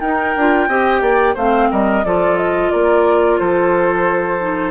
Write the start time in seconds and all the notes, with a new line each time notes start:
0.00 D#4 A#4 G5
0.37 D4 F4
0.68 C4 G4 D#5
1.01 A#3 D5
1.34 A3 C4 C5 F5
1.71 G3 A#4 D#5
2.04 F3 F4 A4 D5
2.37 D#5
2.71 A#3 A#4 D5
3.38 F3 A4 C5
4.40 D#4